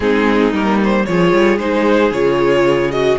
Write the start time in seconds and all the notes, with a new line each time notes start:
0.00 G#3 C4 D#4 G#4
0.52 G3 A#3 A#4
0.84 C5
1.05 F3 F4 G#4 C#5
1.32 G3
1.58 G#3 D#4 C5
2.11 C#3 F4 C#5
2.91 F#4 D#5